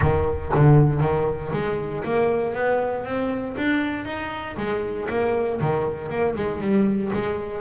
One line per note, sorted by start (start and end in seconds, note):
0.01 0.52 D#3
0.54 1.01 D3
1.01 1.51 D#3
1.53 2.03 G#3
2.04 2.54 A#3
2.54 3.04 B3
3.04 3.55 C4
3.57 4.05 D4
4.05 4.56 D#4
4.56 5.07 G#3
5.09 5.60 A#3
5.60 6.09 D#3
6.09 6.34 A#3
6.35 6.60 G#3
6.60 7.11 G3
7.13 7.61 G#3